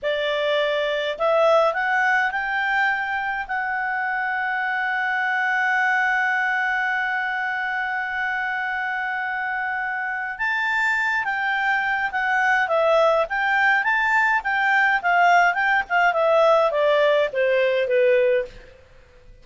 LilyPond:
\new Staff \with { instrumentName = "clarinet" } { \time 4/4 \tempo 4 = 104 d''2 e''4 fis''4 | g''2 fis''2~ | fis''1~ | fis''1~ |
fis''2 a''4. g''8~ | g''4 fis''4 e''4 g''4 | a''4 g''4 f''4 g''8 f''8 | e''4 d''4 c''4 b'4 | }